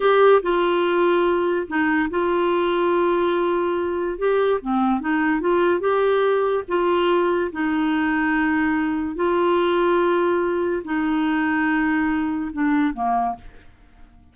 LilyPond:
\new Staff \with { instrumentName = "clarinet" } { \time 4/4 \tempo 4 = 144 g'4 f'2. | dis'4 f'2.~ | f'2 g'4 c'4 | dis'4 f'4 g'2 |
f'2 dis'2~ | dis'2 f'2~ | f'2 dis'2~ | dis'2 d'4 ais4 | }